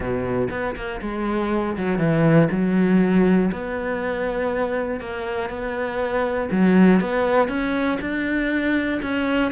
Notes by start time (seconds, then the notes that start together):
0.00 B2
0.50 B3
0.75 A#3
1.01 G#3
1.77 F#3
1.98 E3
2.51 F#3
3.52 B3
5.00 A#3
5.49 B3
6.51 F#3
7.00 B3
7.48 C#4
8.00 D4
9.02 C#4